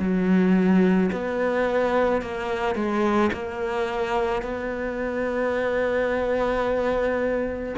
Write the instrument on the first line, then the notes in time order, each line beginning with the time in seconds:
cello
0.00 F#3
1.12 B3
2.22 A#3
2.76 G#3
3.33 A#3
4.42 B3